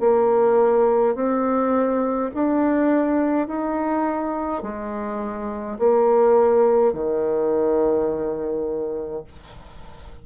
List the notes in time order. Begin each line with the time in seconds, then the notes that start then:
0.00 A#3
1.15 C4
2.34 D4
3.47 D#4
4.63 G#3
5.78 A#3
6.93 D#3